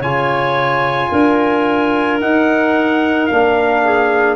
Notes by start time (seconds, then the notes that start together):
0.00 C#3 F4 C#5 G#5
1.10 D4 A#4
2.20 D#4 F#5
3.26 A#3 D4 F5
3.84 G#4